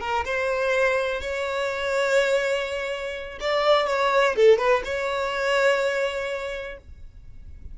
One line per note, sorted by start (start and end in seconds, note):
0.00 0.24 A#4
0.25 1.21 C5
1.21 3.38 C#5
3.40 3.87 D5
3.87 4.35 C#5
4.35 4.58 A4
4.58 4.82 B4
4.84 6.78 C#5